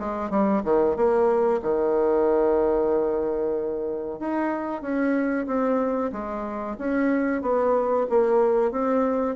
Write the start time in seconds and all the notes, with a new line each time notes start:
0.00 G#3
0.31 G3
0.65 D#3
0.97 A#3
1.63 D#3
4.20 D#4
4.82 C#4
5.47 C4
6.13 G#3
6.79 C#4
7.43 B3
8.10 A#3
8.72 C4